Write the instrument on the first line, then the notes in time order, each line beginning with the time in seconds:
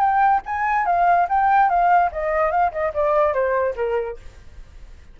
flute
0.00 G5
0.46 G#5
0.86 F5
1.29 G5
1.69 F5
2.12 D#5
2.51 F5
2.72 D#5
2.94 D5
3.33 C5
3.76 A#4